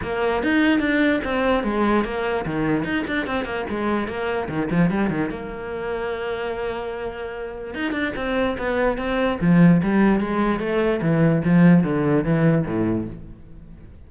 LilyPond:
\new Staff \with { instrumentName = "cello" } { \time 4/4 \tempo 4 = 147 ais4 dis'4 d'4 c'4 | gis4 ais4 dis4 dis'8 d'8 | c'8 ais8 gis4 ais4 dis8 f8 | g8 dis8 ais2.~ |
ais2. dis'8 d'8 | c'4 b4 c'4 f4 | g4 gis4 a4 e4 | f4 d4 e4 a,4 | }